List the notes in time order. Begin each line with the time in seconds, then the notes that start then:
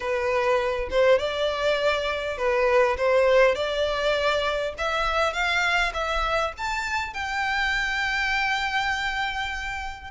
0.00 B4
0.90 C5
1.19 D5
2.37 B4
2.97 C5
3.55 D5
4.77 E5
5.33 F5
5.93 E5
6.57 A5
7.13 G5